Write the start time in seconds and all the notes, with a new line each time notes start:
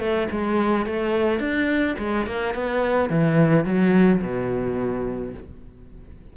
0.00 A3
0.31 G#3
0.86 A3
1.40 D4
1.99 G#3
2.27 A#3
2.55 B3
3.10 E3
3.65 F#3
4.22 B2